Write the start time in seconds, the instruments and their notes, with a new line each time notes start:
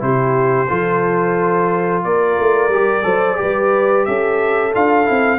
0.00 tuba C3, trombone E4, horn G4, trumpet C5
0.69 tuba F3, trombone F4, horn A4
2.04 tuba A#3, horn A#4, trumpet D5
2.40 tuba A3
2.69 tuba G3, trombone G4
3.04 tuba F#3, trombone A4, horn C5
3.36 trombone G4, horn B4
3.42 tuba G3
4.06 tuba C#4, horn A4, trumpet E5
4.75 tuba D4, trombone F4, trumpet F5
5.05 tuba C4, trombone E4